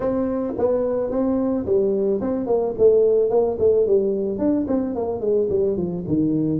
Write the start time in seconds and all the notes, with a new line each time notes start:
0.00 C4
0.58 B3
1.10 C4
1.65 G3
2.21 C4
2.46 A#3
2.77 A3
3.30 A#3
3.59 A3
3.86 G3
4.38 D4
4.67 C4
4.95 A#3
5.20 G#3
5.49 G3
5.76 F3
6.07 D#3